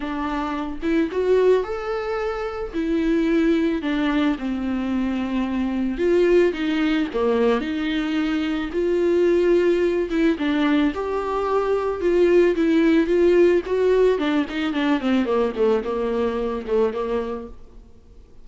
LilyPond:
\new Staff \with { instrumentName = "viola" } { \time 4/4 \tempo 4 = 110 d'4. e'8 fis'4 a'4~ | a'4 e'2 d'4 | c'2. f'4 | dis'4 ais4 dis'2 |
f'2~ f'8 e'8 d'4 | g'2 f'4 e'4 | f'4 fis'4 d'8 dis'8 d'8 c'8 | ais8 a8 ais4. a8 ais4 | }